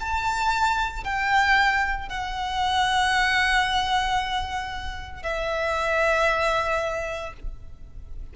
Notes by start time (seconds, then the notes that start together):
0.00 A5
1.04 G5
2.09 F#5
5.23 E5